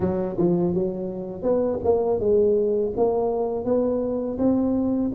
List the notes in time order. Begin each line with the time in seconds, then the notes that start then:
0.00 F#3
0.37 F3
0.74 F#3
1.42 B3
1.84 A#3
2.20 G#3
2.96 A#3
3.65 B3
4.38 C4